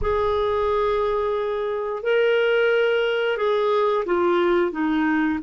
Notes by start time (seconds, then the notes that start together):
0.01 G#4
2.02 A#4
3.37 G#4
4.05 F4
4.71 D#4